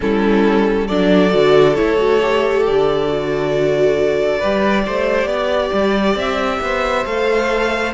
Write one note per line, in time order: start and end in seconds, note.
0.00 0.89 G3
0.00 0.88 C#4
0.00 0.86 E4
0.00 0.87 A4
0.86 1.33 F#3
0.86 1.29 D4
0.86 4.38 A4
0.86 1.75 D5
1.29 1.78 D3
1.29 1.73 F#4
1.75 2.67 A3
1.75 1.97 E4
1.75 2.63 C#5
1.97 2.19 F#4
2.21 3.07 G4
2.66 4.43 D3
2.66 6.18 D5
3.07 4.40 F#4
4.38 4.87 G3
4.38 7.06 G4
4.38 4.82 B4
4.86 5.25 A3
4.86 5.27 C5
5.25 5.69 B3
5.25 6.59 D5
5.72 6.15 G3
6.15 6.59 C4
6.15 7.06 E5
6.61 7.05 B3
6.61 7.93 C5
7.05 7.93 A3
7.05 7.93 A4
7.05 7.93 F5